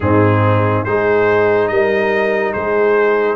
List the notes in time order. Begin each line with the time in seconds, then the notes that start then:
0.00 G#2 C4 D#4 G#4
0.84 G#3 D#4 G#4 C5
1.67 G3 A#4 D#5
2.52 G#3 G#4 C5